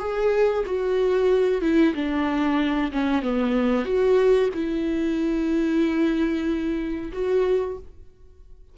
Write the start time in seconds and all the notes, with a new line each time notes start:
0.00 G#4
0.66 F#4
1.62 E4
1.95 D4
2.92 C#4
3.23 B3
3.85 F#4
4.54 E4
7.13 F#4